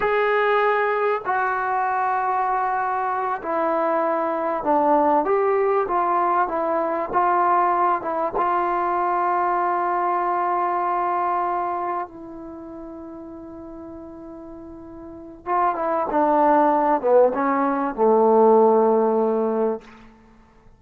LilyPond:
\new Staff \with { instrumentName = "trombone" } { \time 4/4 \tempo 4 = 97 gis'2 fis'2~ | fis'4. e'2 d'8~ | d'8 g'4 f'4 e'4 f'8~ | f'4 e'8 f'2~ f'8~ |
f'2.~ f'8 e'8~ | e'1~ | e'4 f'8 e'8 d'4. b8 | cis'4 a2. | }